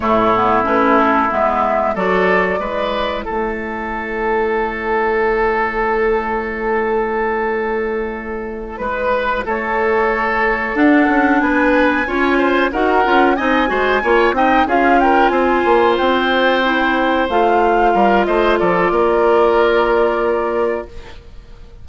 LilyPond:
<<
  \new Staff \with { instrumentName = "flute" } { \time 4/4 \tempo 4 = 92 cis''4 b'8 a'8 e''4 d''4~ | d''4 cis''2.~ | cis''1~ | cis''4. b'4 cis''4.~ |
cis''8 fis''4 gis''2 fis''8~ | fis''8 gis''4. g''8 f''8 g''8 gis''8~ | gis''8 g''2 f''4. | dis''8 d''2.~ d''8 | }
  \new Staff \with { instrumentName = "oboe" } { \time 4/4 e'2. a'4 | b'4 a'2.~ | a'1~ | a'4. b'4 a'4.~ |
a'4. b'4 cis''8 c''8 ais'8~ | ais'8 dis''8 c''8 cis''8 dis''8 gis'8 ais'8 c''8~ | c''2.~ c''8 ais'8 | c''8 a'8 ais'2. | }
  \new Staff \with { instrumentName = "clarinet" } { \time 4/4 a8 b8 cis'4 b4 fis'4 | e'1~ | e'1~ | e'1~ |
e'8 d'2 f'4 fis'8 | f'8 dis'8 fis'8 f'8 dis'8 f'4.~ | f'4. e'4 f'4.~ | f'1 | }
  \new Staff \with { instrumentName = "bassoon" } { \time 4/4 a,4 a4 gis4 fis4 | gis4 a2.~ | a1~ | a4. gis4 a4.~ |
a8 d'8 cis'8 b4 cis'4 dis'8 | cis'8 c'8 gis8 ais8 c'8 cis'4 c'8 | ais8 c'2 a4 g8 | a8 f8 ais2. | }
>>